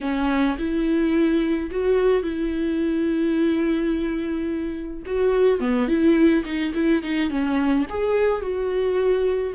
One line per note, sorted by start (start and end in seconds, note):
0.01 0.57 C#4
0.58 1.70 E4
1.70 2.23 F#4
2.23 5.03 E4
5.06 5.59 F#4
5.59 5.88 B3
5.88 6.44 E4
6.44 6.72 D#4
6.74 7.02 E4
7.02 7.29 D#4
7.29 7.86 C#4
7.89 8.41 G#4
8.41 9.53 F#4